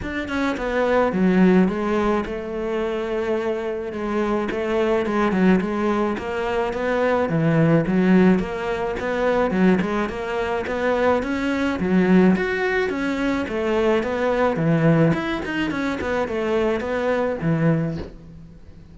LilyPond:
\new Staff \with { instrumentName = "cello" } { \time 4/4 \tempo 4 = 107 d'8 cis'8 b4 fis4 gis4 | a2. gis4 | a4 gis8 fis8 gis4 ais4 | b4 e4 fis4 ais4 |
b4 fis8 gis8 ais4 b4 | cis'4 fis4 fis'4 cis'4 | a4 b4 e4 e'8 dis'8 | cis'8 b8 a4 b4 e4 | }